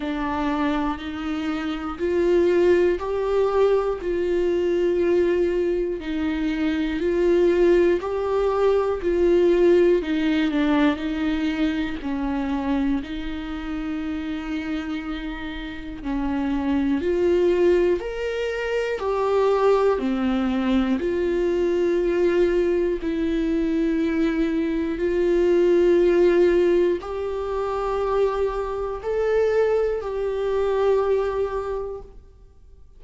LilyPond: \new Staff \with { instrumentName = "viola" } { \time 4/4 \tempo 4 = 60 d'4 dis'4 f'4 g'4 | f'2 dis'4 f'4 | g'4 f'4 dis'8 d'8 dis'4 | cis'4 dis'2. |
cis'4 f'4 ais'4 g'4 | c'4 f'2 e'4~ | e'4 f'2 g'4~ | g'4 a'4 g'2 | }